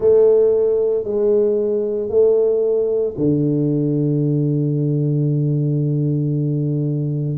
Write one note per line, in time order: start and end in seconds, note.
0.00 1.03 A3
1.03 2.09 G#3
2.09 3.14 A3
3.17 7.37 D3